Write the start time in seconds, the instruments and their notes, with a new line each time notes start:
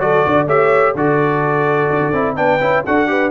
0.00 tuba F#3, trombone F#4, horn A4, trumpet D5
0.26 tuba D3, horn D5
0.47 tuba A3, trombone G4, horn C#5, trumpet E5
0.94 tuba D3, trombone F#4, horn A4, trumpet D5
1.90 tuba D4
2.00 tuba D3
2.13 tuba C4, trombone E4
2.36 tuba B3, trombone D4, horn B4, trumpet G5
2.60 tuba C#4, trombone E4
2.85 tuba D4, trombone F#4, horn A4, trumpet F#5
3.07 trombone G4, horn B4